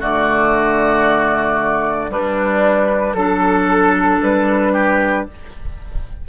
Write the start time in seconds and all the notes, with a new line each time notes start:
0.00 D3 A3 F#4 D5
2.09 G3 D4 B4
3.14 F#3 D4 A4
4.21 G3 B4
4.73 G4